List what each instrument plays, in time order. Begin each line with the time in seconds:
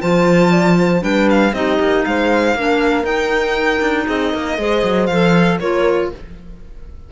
0.00 cello F3, clarinet F4, horn C5, violin A5
0.51 horn D5
0.78 horn C5
1.00 cello G3, clarinet D4, horn B4, violin G5
1.30 violin F5
1.53 cello C4, clarinet D#4, horn G4, violin D#5
1.80 cello A#3
2.05 cello G#3, horn C5, violin F5
2.55 cello A#3, clarinet D4, horn A#4
3.04 cello D#4, clarinet D#4, violin G5
3.81 cello D4
4.07 cello C4, horn G#4, violin D#5
4.32 cello A#3, horn A#4
4.58 cello G#3, clarinet G#4, horn C5
4.84 cello F#3
5.07 cello F3, clarinet A4, violin F5
5.60 cello A#3, clarinet F4, horn A#4, violin C#5